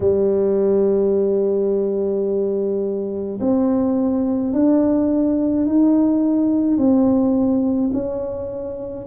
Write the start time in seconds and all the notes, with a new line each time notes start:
0.00 G3
3.40 C4
4.53 D4
5.66 D#4
6.77 C4
7.92 C#4